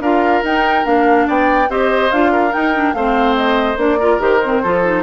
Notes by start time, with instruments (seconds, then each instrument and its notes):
0.00 bassoon D4, clarinet F4, oboe A#4, flute F5
0.43 bassoon D#4, clarinet D#4, flute G5
0.84 bassoon A#3, clarinet D4, flute F5
1.27 bassoon B3, oboe D5, flute G5
1.69 bassoon C4, clarinet G4, oboe C5, flute D#5
2.11 bassoon D4, clarinet F4, flute F5
2.32 oboe A#4
2.51 clarinet D#4, bassoon D#4, flute G5
2.74 clarinet D4
2.93 bassoon A3, clarinet C4, oboe C5, flute F5
3.36 flute D#5
3.76 bassoon A#3, clarinet D4, flute D5
3.99 clarinet F4, oboe A#4
4.19 bassoon D#3, clarinet G4, flute C5
4.44 clarinet C4
4.62 bassoon F3, clarinet F4, oboe A4
4.84 clarinet D#4